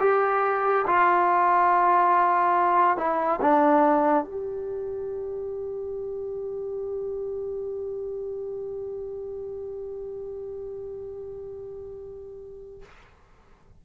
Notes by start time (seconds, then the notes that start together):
0.00 G4
0.87 F4
2.97 E4
3.41 D4
4.25 G4